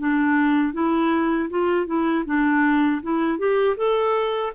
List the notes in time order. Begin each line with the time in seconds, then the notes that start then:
0.00 D4
0.74 E4
1.50 F4
1.87 E4
2.26 D4
3.03 E4
3.39 G4
3.77 A4